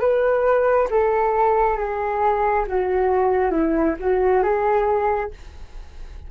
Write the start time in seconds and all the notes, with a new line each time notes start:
0.00 B4
0.90 A4
1.77 G#4
2.67 F#4
3.51 E4
3.99 F#4
4.42 G#4